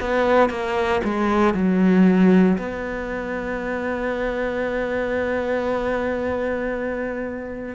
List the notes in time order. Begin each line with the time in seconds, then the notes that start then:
0.00 B3
0.49 A#3
1.04 G#3
1.54 F#3
2.58 B3